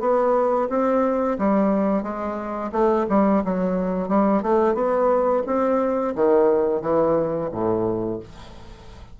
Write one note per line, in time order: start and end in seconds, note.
0.00 0.68 B3
0.69 1.38 C4
1.38 2.03 G3
2.03 2.71 G#3
2.72 3.06 A3
3.09 3.43 G3
3.44 4.08 F#3
4.08 4.43 G3
4.43 4.74 A3
4.74 5.43 B3
5.46 6.14 C4
6.15 6.82 D#3
6.82 7.50 E3
7.52 8.20 A2